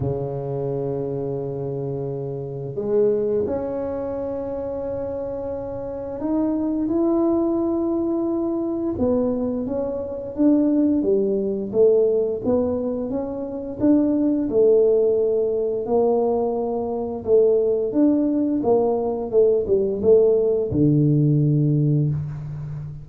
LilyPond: \new Staff \with { instrumentName = "tuba" } { \time 4/4 \tempo 4 = 87 cis1 | gis4 cis'2.~ | cis'4 dis'4 e'2~ | e'4 b4 cis'4 d'4 |
g4 a4 b4 cis'4 | d'4 a2 ais4~ | ais4 a4 d'4 ais4 | a8 g8 a4 d2 | }